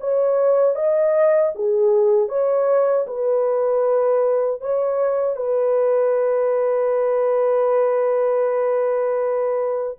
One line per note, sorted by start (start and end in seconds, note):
0.00 0.75 C#5
0.75 1.52 D#5
1.55 2.29 G#4
2.29 3.06 C#5
3.07 4.61 B4
4.61 5.36 C#5
5.36 9.98 B4